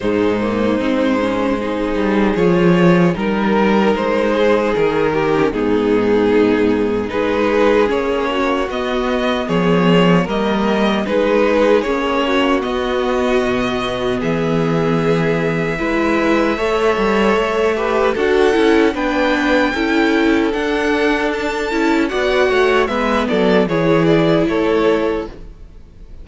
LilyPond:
<<
  \new Staff \with { instrumentName = "violin" } { \time 4/4 \tempo 4 = 76 c''2. cis''4 | ais'4 c''4 ais'4 gis'4~ | gis'4 b'4 cis''4 dis''4 | cis''4 dis''4 b'4 cis''4 |
dis''2 e''2~ | e''2. fis''4 | g''2 fis''4 a''4 | fis''4 e''8 d''8 cis''8 d''8 cis''4 | }
  \new Staff \with { instrumentName = "violin" } { \time 4/4 dis'2 gis'2 | ais'4. gis'4 g'8 dis'4~ | dis'4 gis'4. fis'4. | gis'4 ais'4 gis'4. fis'8~ |
fis'2 gis'2 | b'4 cis''4. b'8 a'4 | b'4 a'2. | d''8 cis''8 b'8 a'8 gis'4 a'4 | }
  \new Staff \with { instrumentName = "viola" } { \time 4/4 gis8 ais8 c'8 cis'8 dis'4 f'4 | dis'2~ dis'8. cis'16 b4~ | b4 dis'4 cis'4 b4~ | b4 ais4 dis'4 cis'4 |
b1 | e'4 a'4. g'8 fis'8 e'8 | d'4 e'4 d'4. e'8 | fis'4 b4 e'2 | }
  \new Staff \with { instrumentName = "cello" } { \time 4/4 gis,4 gis4. g8 f4 | g4 gis4 dis4 gis,4~ | gis,4 gis4 ais4 b4 | f4 g4 gis4 ais4 |
b4 b,4 e2 | gis4 a8 g8 a4 d'8 cis'8 | b4 cis'4 d'4. cis'8 | b8 a8 gis8 fis8 e4 a4 | }
>>